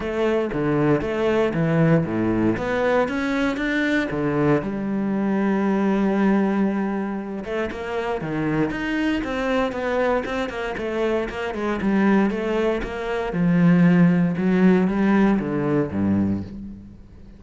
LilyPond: \new Staff \with { instrumentName = "cello" } { \time 4/4 \tempo 4 = 117 a4 d4 a4 e4 | a,4 b4 cis'4 d'4 | d4 g2.~ | g2~ g8 a8 ais4 |
dis4 dis'4 c'4 b4 | c'8 ais8 a4 ais8 gis8 g4 | a4 ais4 f2 | fis4 g4 d4 g,4 | }